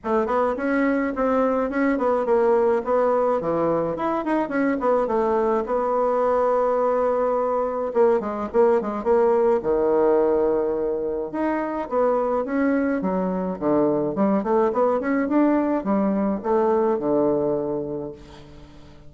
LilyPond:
\new Staff \with { instrumentName = "bassoon" } { \time 4/4 \tempo 4 = 106 a8 b8 cis'4 c'4 cis'8 b8 | ais4 b4 e4 e'8 dis'8 | cis'8 b8 a4 b2~ | b2 ais8 gis8 ais8 gis8 |
ais4 dis2. | dis'4 b4 cis'4 fis4 | d4 g8 a8 b8 cis'8 d'4 | g4 a4 d2 | }